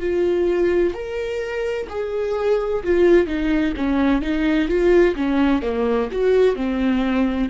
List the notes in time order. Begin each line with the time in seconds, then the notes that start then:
0.00 F4
0.94 A#4
1.90 G#4
2.84 F4
3.27 D#4
3.77 C#4
4.22 D#4
4.69 F4
5.16 C#4
5.62 A#3
6.12 F#4
6.56 C4